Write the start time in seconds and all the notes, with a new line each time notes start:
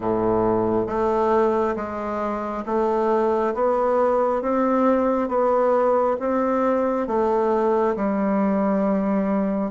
0.00 A2
0.87 A3
1.76 G#3
2.66 A3
3.54 B3
4.42 C4
5.28 B3
6.19 C4
7.07 A3
7.96 G3